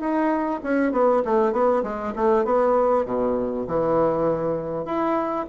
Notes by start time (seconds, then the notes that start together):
0.00 D#4
0.63 C#4
0.92 B3
1.25 A3
1.53 B3
1.83 G#3
2.16 A3
2.45 B3
3.05 B2
3.67 E3
4.85 E4